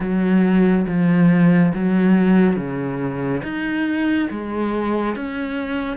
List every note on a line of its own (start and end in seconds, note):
0.00 0.86 F#3
0.87 1.73 F3
1.74 2.56 F#3
2.56 3.41 C#3
3.43 4.29 D#4
4.30 5.15 G#3
5.15 5.96 C#4